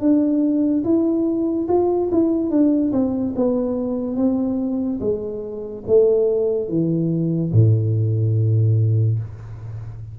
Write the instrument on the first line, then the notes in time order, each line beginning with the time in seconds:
tuba
0.00 D4
0.84 E4
1.68 F4
2.11 E4
2.50 D4
2.92 C4
3.36 B3
4.16 C4
5.00 G#3
5.87 A3
6.68 E3
7.52 A2